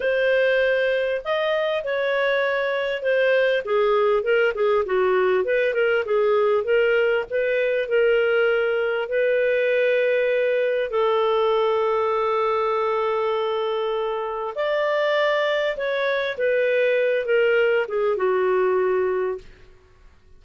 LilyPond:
\new Staff \with { instrumentName = "clarinet" } { \time 4/4 \tempo 4 = 99 c''2 dis''4 cis''4~ | cis''4 c''4 gis'4 ais'8 gis'8 | fis'4 b'8 ais'8 gis'4 ais'4 | b'4 ais'2 b'4~ |
b'2 a'2~ | a'1 | d''2 cis''4 b'4~ | b'8 ais'4 gis'8 fis'2 | }